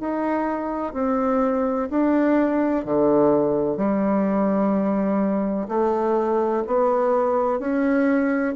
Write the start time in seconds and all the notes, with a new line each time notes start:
0.00 D#4
0.94 C4
1.90 D4
2.85 D3
3.77 G3
5.68 A3
6.68 B3
7.60 C#4